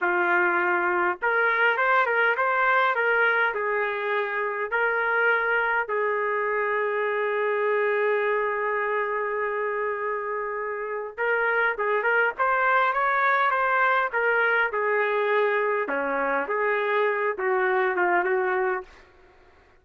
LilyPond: \new Staff \with { instrumentName = "trumpet" } { \time 4/4 \tempo 4 = 102 f'2 ais'4 c''8 ais'8 | c''4 ais'4 gis'2 | ais'2 gis'2~ | gis'1~ |
gis'2. ais'4 | gis'8 ais'8 c''4 cis''4 c''4 | ais'4 gis'2 cis'4 | gis'4. fis'4 f'8 fis'4 | }